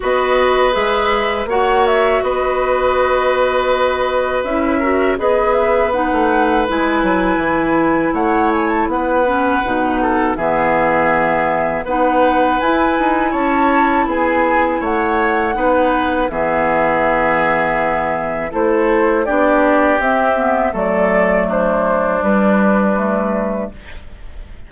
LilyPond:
<<
  \new Staff \with { instrumentName = "flute" } { \time 4/4 \tempo 4 = 81 dis''4 e''4 fis''8 e''8 dis''4~ | dis''2 e''4 dis''8 e''8 | fis''4 gis''2 fis''8 gis''16 a''16 | fis''2 e''2 |
fis''4 gis''4 a''4 gis''4 | fis''2 e''2~ | e''4 c''4 d''4 e''4 | d''4 c''4 b'2 | }
  \new Staff \with { instrumentName = "oboe" } { \time 4/4 b'2 cis''4 b'4~ | b'2~ b'8 ais'8 b'4~ | b'2. cis''4 | b'4. a'8 gis'2 |
b'2 cis''4 gis'4 | cis''4 b'4 gis'2~ | gis'4 a'4 g'2 | a'4 d'2. | }
  \new Staff \with { instrumentName = "clarinet" } { \time 4/4 fis'4 gis'4 fis'2~ | fis'2 e'8 fis'8 gis'4 | dis'4 e'2.~ | e'8 cis'8 dis'4 b2 |
dis'4 e'2.~ | e'4 dis'4 b2~ | b4 e'4 d'4 c'8 b8 | a2 g4 a4 | }
  \new Staff \with { instrumentName = "bassoon" } { \time 4/4 b4 gis4 ais4 b4~ | b2 cis'4 b4~ | b16 a8. gis8 fis8 e4 a4 | b4 b,4 e2 |
b4 e'8 dis'8 cis'4 b4 | a4 b4 e2~ | e4 a4 b4 c'4 | fis2 g2 | }
>>